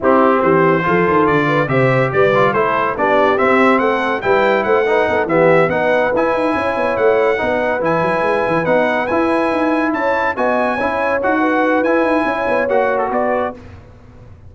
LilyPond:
<<
  \new Staff \with { instrumentName = "trumpet" } { \time 4/4 \tempo 4 = 142 g'4 c''2 d''4 | e''4 d''4 c''4 d''4 | e''4 fis''4 g''4 fis''4~ | fis''8 e''4 fis''4 gis''4.~ |
gis''8 fis''2 gis''4.~ | gis''8 fis''4 gis''2 a''8~ | a''8 gis''2 fis''4. | gis''2 fis''8. a'16 d''4 | }
  \new Staff \with { instrumentName = "horn" } { \time 4/4 e'4 g'4 a'4. b'8 | c''4 b'4 a'4 g'4~ | g'4 a'4 b'4 c''8 b'8 | a'8 g'4 b'2 cis''8~ |
cis''4. b'2~ b'8~ | b'2.~ b'8 cis''8~ | cis''8 dis''4 cis''4. b'4~ | b'4 cis''2 b'4 | }
  \new Staff \with { instrumentName = "trombone" } { \time 4/4 c'2 f'2 | g'4. f'8 e'4 d'4 | c'2 e'4. dis'8~ | dis'8 b4 dis'4 e'4.~ |
e'4. dis'4 e'4.~ | e'8 dis'4 e'2~ e'8~ | e'8 fis'4 e'4 fis'4. | e'2 fis'2 | }
  \new Staff \with { instrumentName = "tuba" } { \time 4/4 c'4 e4 f8 dis8 d4 | c4 g4 a4 b4 | c'4 a4 g4 a4 | b8 e4 b4 e'8 dis'8 cis'8 |
b8 a4 b4 e8 fis8 gis8 | e8 b4 e'4 dis'4 cis'8~ | cis'8 b4 cis'4 dis'4. | e'8 dis'8 cis'8 b8 ais4 b4 | }
>>